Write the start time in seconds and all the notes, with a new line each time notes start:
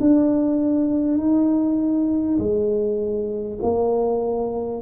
0.00 D4
1.18 D#4
2.39 G#3
3.62 A#3